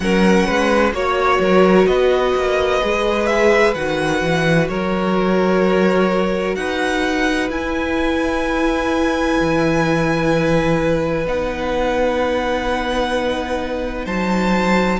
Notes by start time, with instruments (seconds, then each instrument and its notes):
0.00 cello F#3, viola C#4, violin A#4 F#5
0.46 cello G#3, violin B4
0.92 cello A#3, viola F#4, violin C#5
1.40 cello F#3, violin A#4
1.87 cello B3, violin B4 D#5
2.34 cello A#3
2.80 cello G#3, viola G#4
3.26 violin E5
3.73 cello D#3, viola F#4, violin F#5
4.22 cello E3
4.68 cello F#3, violin A#4 C#5
6.55 cello D#4, violin B4 F#5
7.49 cello E4, viola E4, violin G#5
9.39 cello E3
11.26 cello B3, viola D#4, violin F#5
14.05 cello F#3, violin C5 A5